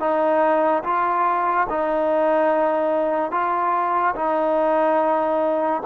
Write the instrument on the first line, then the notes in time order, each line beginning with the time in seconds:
trombone
0.00 D#4
0.84 F4
1.70 D#4
3.31 F4
4.16 D#4